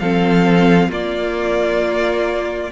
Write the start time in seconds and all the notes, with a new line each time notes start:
0.00 F3 C4 A4 F5
0.89 A#3 F4 D5